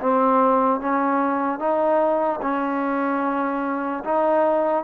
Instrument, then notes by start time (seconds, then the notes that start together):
trombone
0.00 C4
0.80 C#4
1.59 D#4
2.41 C#4
4.04 D#4